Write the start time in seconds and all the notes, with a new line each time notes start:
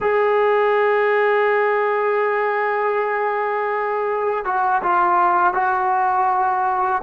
0.00 G#4
4.44 F#4
4.82 F4
5.54 F#4